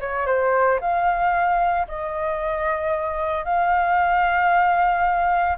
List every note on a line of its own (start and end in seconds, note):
0.00 0.26 C#5
0.26 0.79 C5
0.80 1.87 F5
1.88 3.44 D#5
3.44 5.57 F5